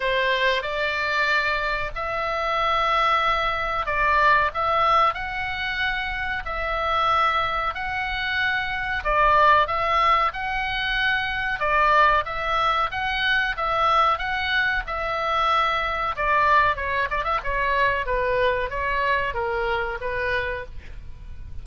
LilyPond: \new Staff \with { instrumentName = "oboe" } { \time 4/4 \tempo 4 = 93 c''4 d''2 e''4~ | e''2 d''4 e''4 | fis''2 e''2 | fis''2 d''4 e''4 |
fis''2 d''4 e''4 | fis''4 e''4 fis''4 e''4~ | e''4 d''4 cis''8 d''16 e''16 cis''4 | b'4 cis''4 ais'4 b'4 | }